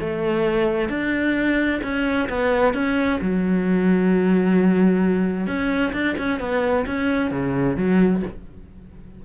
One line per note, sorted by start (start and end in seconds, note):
0.00 0.89 A3
0.89 1.81 D4
1.83 2.29 C#4
2.29 2.74 B3
2.74 3.20 C#4
3.22 5.47 F#3
5.47 5.93 C#4
5.93 6.16 D4
6.19 6.40 C#4
6.40 6.86 B3
6.86 7.31 C#4
7.31 7.77 C#3
7.77 8.23 F#3